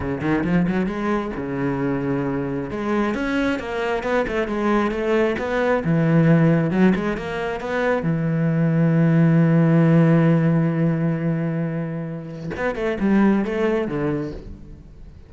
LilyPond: \new Staff \with { instrumentName = "cello" } { \time 4/4 \tempo 4 = 134 cis8 dis8 f8 fis8 gis4 cis4~ | cis2 gis4 cis'4 | ais4 b8 a8 gis4 a4 | b4 e2 fis8 gis8 |
ais4 b4 e2~ | e1~ | e1 | b8 a8 g4 a4 d4 | }